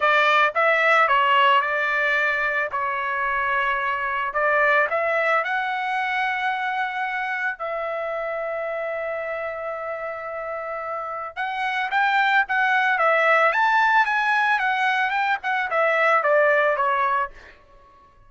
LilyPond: \new Staff \with { instrumentName = "trumpet" } { \time 4/4 \tempo 4 = 111 d''4 e''4 cis''4 d''4~ | d''4 cis''2. | d''4 e''4 fis''2~ | fis''2 e''2~ |
e''1~ | e''4 fis''4 g''4 fis''4 | e''4 a''4 gis''4 fis''4 | g''8 fis''8 e''4 d''4 cis''4 | }